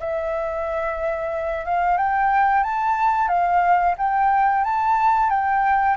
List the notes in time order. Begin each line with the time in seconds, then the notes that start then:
0.00 E5
1.65 F5
1.98 G5
2.64 A5
3.28 F5
3.98 G5
4.64 A5
5.30 G5